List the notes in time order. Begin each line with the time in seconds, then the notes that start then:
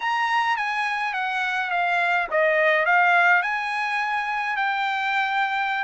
0.00 A#5
0.56 G#5
1.13 F#5
1.70 F5
2.30 D#5
2.85 F5
3.42 G#5
4.56 G5